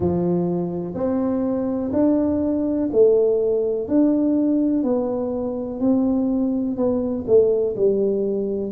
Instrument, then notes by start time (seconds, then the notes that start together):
tuba
0.00 F3
0.94 C4
1.93 D4
2.92 A3
3.88 D4
4.83 B3
5.80 C4
6.76 B3
7.27 A3
7.76 G3